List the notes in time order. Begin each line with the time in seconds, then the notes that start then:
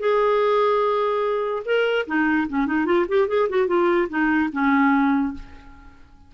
0.00 G#4
1.66 A#4
2.07 D#4
2.49 C#4
2.67 D#4
2.86 F4
3.09 G4
3.28 G#4
3.49 F#4
3.68 F4
4.09 D#4
4.53 C#4